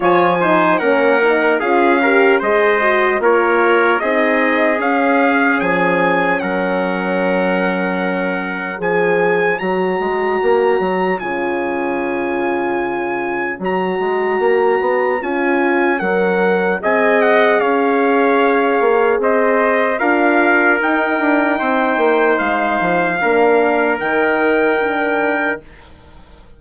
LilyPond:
<<
  \new Staff \with { instrumentName = "trumpet" } { \time 4/4 \tempo 4 = 75 gis''4 fis''4 f''4 dis''4 | cis''4 dis''4 f''4 gis''4 | fis''2. gis''4 | ais''2 gis''2~ |
gis''4 ais''2 gis''4 | fis''4 gis''8 fis''8 f''2 | dis''4 f''4 g''2 | f''2 g''2 | }
  \new Staff \with { instrumentName = "trumpet" } { \time 4/4 cis''8 c''8 ais'4 gis'8 ais'8 c''4 | ais'4 gis'2. | ais'2. cis''4~ | cis''1~ |
cis''1~ | cis''4 dis''4 cis''2 | c''4 ais'2 c''4~ | c''4 ais'2. | }
  \new Staff \with { instrumentName = "horn" } { \time 4/4 f'8 dis'8 cis'8 dis'8 f'8 g'8 gis'8 fis'8 | f'4 dis'4 cis'2~ | cis'2. gis'4 | fis'2 f'2~ |
f'4 fis'2 f'4 | ais'4 gis'2.~ | gis'4 f'4 dis'2~ | dis'4 d'4 dis'4 d'4 | }
  \new Staff \with { instrumentName = "bassoon" } { \time 4/4 f4 ais4 cis'4 gis4 | ais4 c'4 cis'4 f4 | fis2. f4 | fis8 gis8 ais8 fis8 cis2~ |
cis4 fis8 gis8 ais8 b8 cis'4 | fis4 c'4 cis'4. ais8 | c'4 d'4 dis'8 d'8 c'8 ais8 | gis8 f8 ais4 dis2 | }
>>